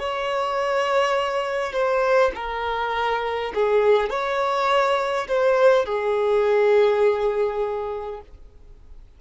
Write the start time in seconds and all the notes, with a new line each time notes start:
0.00 C#5
1.73 C5
2.35 A#4
3.55 G#4
4.10 C#5
5.28 C5
5.86 G#4